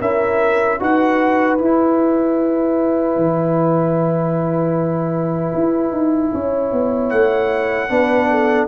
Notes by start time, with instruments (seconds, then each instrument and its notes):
0.00 tuba C#4, trombone E4, horn A#4, trumpet E5
0.79 tuba D#4, trombone F#4, horn B4, trumpet F#5
1.58 trombone E4, tuba E4, trumpet G#5
3.16 tuba E3
5.54 tuba E4
5.91 tuba D#4
6.33 tuba C#4, horn C#5
6.72 tuba B3
7.09 tuba A3, trumpet F#5
7.89 tuba B3, trombone D4, horn B4
8.30 horn A4